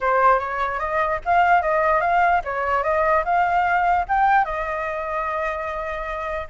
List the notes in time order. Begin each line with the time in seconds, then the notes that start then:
0.00 C5
0.39 C#5
0.79 D#5
1.25 F5
1.62 D#5
2.00 F5
2.44 C#5
2.83 D#5
3.24 F5
4.08 G5
4.44 D#5